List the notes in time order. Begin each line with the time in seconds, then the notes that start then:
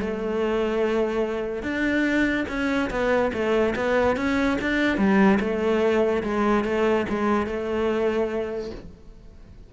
0.00 A3
1.62 D4
2.48 C#4
2.90 B3
3.33 A3
3.75 B3
4.16 C#4
4.61 D4
4.97 G3
5.40 A3
6.23 G#3
6.64 A3
7.09 G#3
7.46 A3